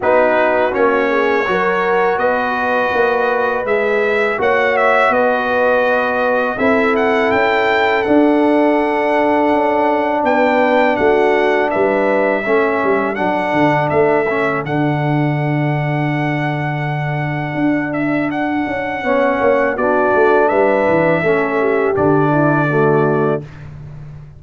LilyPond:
<<
  \new Staff \with { instrumentName = "trumpet" } { \time 4/4 \tempo 4 = 82 b'4 cis''2 dis''4~ | dis''4 e''4 fis''8 e''8 dis''4~ | dis''4 e''8 fis''8 g''4 fis''4~ | fis''2 g''4 fis''4 |
e''2 fis''4 e''4 | fis''1~ | fis''8 e''8 fis''2 d''4 | e''2 d''2 | }
  \new Staff \with { instrumentName = "horn" } { \time 4/4 fis'4. gis'8 ais'4 b'4~ | b'2 cis''4 b'4~ | b'4 a'2.~ | a'2 b'4 fis'4 |
b'4 a'2.~ | a'1~ | a'2 cis''4 fis'4 | b'4 a'8 g'4 e'8 fis'4 | }
  \new Staff \with { instrumentName = "trombone" } { \time 4/4 dis'4 cis'4 fis'2~ | fis'4 gis'4 fis'2~ | fis'4 e'2 d'4~ | d'1~ |
d'4 cis'4 d'4. cis'8 | d'1~ | d'2 cis'4 d'4~ | d'4 cis'4 d'4 a4 | }
  \new Staff \with { instrumentName = "tuba" } { \time 4/4 b4 ais4 fis4 b4 | ais4 gis4 ais4 b4~ | b4 c'4 cis'4 d'4~ | d'4 cis'4 b4 a4 |
g4 a8 g8 fis8 d8 a4 | d1 | d'4. cis'8 b8 ais8 b8 a8 | g8 e8 a4 d2 | }
>>